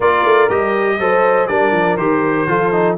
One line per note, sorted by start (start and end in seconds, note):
0.00 0.24 A#3
0.00 0.49 F4
0.00 0.97 A#4
0.00 0.49 D5
0.24 0.49 A3
0.49 0.99 G3
0.49 0.99 G4
0.49 1.47 D#5
0.99 1.48 F#3
0.99 1.48 A4
0.99 1.49 C5
1.47 1.71 G3
1.47 1.98 D4
1.47 2.47 A#4
1.47 1.96 D5
1.71 1.96 F3
1.97 2.46 D#3
1.97 2.47 G4
1.97 2.96 C5
2.47 2.97 F3
2.47 2.72 F4
2.47 2.97 A4
2.72 2.97 D#4